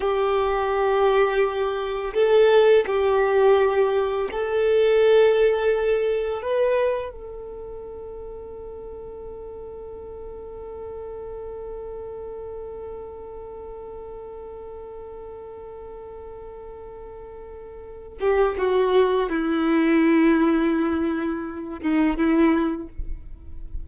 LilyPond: \new Staff \with { instrumentName = "violin" } { \time 4/4 \tempo 4 = 84 g'2. a'4 | g'2 a'2~ | a'4 b'4 a'2~ | a'1~ |
a'1~ | a'1~ | a'4. g'8 fis'4 e'4~ | e'2~ e'8 dis'8 e'4 | }